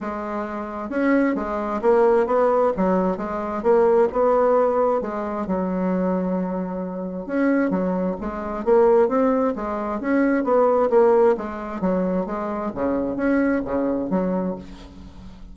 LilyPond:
\new Staff \with { instrumentName = "bassoon" } { \time 4/4 \tempo 4 = 132 gis2 cis'4 gis4 | ais4 b4 fis4 gis4 | ais4 b2 gis4 | fis1 |
cis'4 fis4 gis4 ais4 | c'4 gis4 cis'4 b4 | ais4 gis4 fis4 gis4 | cis4 cis'4 cis4 fis4 | }